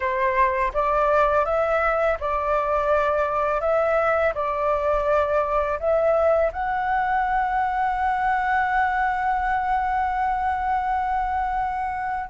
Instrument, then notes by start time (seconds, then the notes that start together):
flute
0.00 C5
0.73 D5
1.45 E5
2.19 D5
3.60 E5
4.34 D5
5.79 E5
6.52 F#5